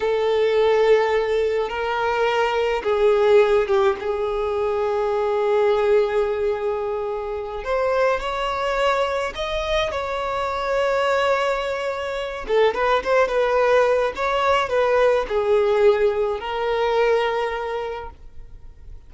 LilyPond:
\new Staff \with { instrumentName = "violin" } { \time 4/4 \tempo 4 = 106 a'2. ais'4~ | ais'4 gis'4. g'8 gis'4~ | gis'1~ | gis'4. c''4 cis''4.~ |
cis''8 dis''4 cis''2~ cis''8~ | cis''2 a'8 b'8 c''8 b'8~ | b'4 cis''4 b'4 gis'4~ | gis'4 ais'2. | }